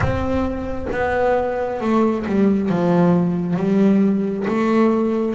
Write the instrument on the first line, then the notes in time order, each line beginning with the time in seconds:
double bass
0.00 C4
0.91 B3
1.80 A3
2.26 G3
2.69 F3
3.56 G3
4.47 A3